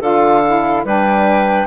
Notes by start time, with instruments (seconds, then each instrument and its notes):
0.00 bassoon D3, saxophone F4, clarinet A4, flute F5
0.45 saxophone E4
0.84 bassoon G3, saxophone D4, clarinet B4, flute G5